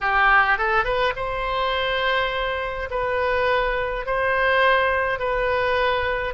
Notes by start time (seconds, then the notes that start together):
0.01 G4
0.57 A4
0.84 B4
1.16 C5
2.90 B4
4.06 C5
5.19 B4